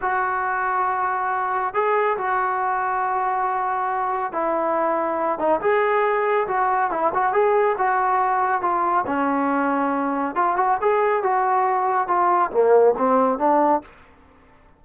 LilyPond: \new Staff \with { instrumentName = "trombone" } { \time 4/4 \tempo 4 = 139 fis'1 | gis'4 fis'2.~ | fis'2 e'2~ | e'8 dis'8 gis'2 fis'4 |
e'8 fis'8 gis'4 fis'2 | f'4 cis'2. | f'8 fis'8 gis'4 fis'2 | f'4 ais4 c'4 d'4 | }